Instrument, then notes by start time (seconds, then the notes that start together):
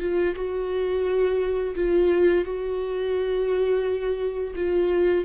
viola
0.00 F4
0.36 F#4
1.75 F4
2.45 F#4
4.56 F4